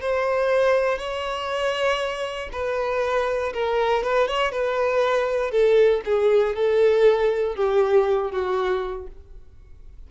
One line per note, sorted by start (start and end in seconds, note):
0.00 0.98 C5
0.98 2.49 C#5
2.52 3.53 B4
3.53 4.03 A#4
4.03 4.27 B4
4.27 4.51 C#5
4.51 5.50 B4
5.50 6.01 A4
6.05 6.55 G#4
6.55 7.55 A4
7.55 8.31 G4
8.31 9.06 F#4